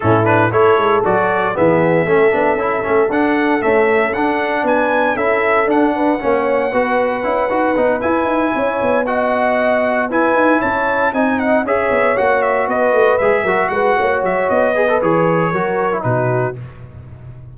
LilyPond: <<
  \new Staff \with { instrumentName = "trumpet" } { \time 4/4 \tempo 4 = 116 a'8 b'8 cis''4 d''4 e''4~ | e''2 fis''4 e''4 | fis''4 gis''4 e''4 fis''4~ | fis''2.~ fis''8 gis''8~ |
gis''4. fis''2 gis''8~ | gis''8 a''4 gis''8 fis''8 e''4 fis''8 | e''8 dis''4 e''4 fis''4 e''8 | dis''4 cis''2 b'4 | }
  \new Staff \with { instrumentName = "horn" } { \time 4/4 e'4 a'2 gis'4 | a'1~ | a'4 b'4 a'4. b'8 | cis''4 b'2.~ |
b'8 cis''4 dis''2 b'8~ | b'8 cis''4 dis''4 cis''4.~ | cis''8 b'4. ais'8 b'8 cis''4~ | cis''8 b'4. ais'4 fis'4 | }
  \new Staff \with { instrumentName = "trombone" } { \time 4/4 cis'8 d'8 e'4 fis'4 b4 | cis'8 d'8 e'8 cis'8 d'4 a4 | d'2 e'4 d'4 | cis'4 fis'4 e'8 fis'8 dis'8 e'8~ |
e'4. fis'2 e'8~ | e'4. dis'4 gis'4 fis'8~ | fis'4. gis'8 fis'2~ | fis'8 gis'16 a'16 gis'4 fis'8. e'16 dis'4 | }
  \new Staff \with { instrumentName = "tuba" } { \time 4/4 a,4 a8 gis8 fis4 e4 | a8 b8 cis'8 a8 d'4 cis'4 | d'4 b4 cis'4 d'4 | ais4 b4 cis'8 dis'8 b8 e'8 |
dis'8 cis'8 b2~ b8 e'8 | dis'8 cis'4 c'4 cis'8 b8 ais8~ | ais8 b8 a8 gis8 fis8 gis8 ais8 fis8 | b4 e4 fis4 b,4 | }
>>